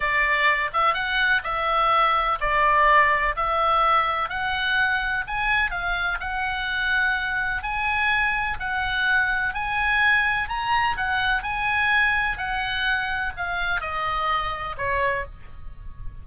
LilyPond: \new Staff \with { instrumentName = "oboe" } { \time 4/4 \tempo 4 = 126 d''4. e''8 fis''4 e''4~ | e''4 d''2 e''4~ | e''4 fis''2 gis''4 | f''4 fis''2. |
gis''2 fis''2 | gis''2 ais''4 fis''4 | gis''2 fis''2 | f''4 dis''2 cis''4 | }